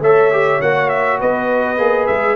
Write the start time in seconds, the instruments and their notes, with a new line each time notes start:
0.00 tuba A3, trombone A4, horn C#5, trumpet E5
0.32 trombone G4
0.61 tuba A#3, trombone F#4, trumpet F#5
0.88 trumpet E5
1.19 tuba B3, horn B4, trumpet D#5
1.78 tuba A#3, trombone G#4
2.06 tuba G#3, trumpet E5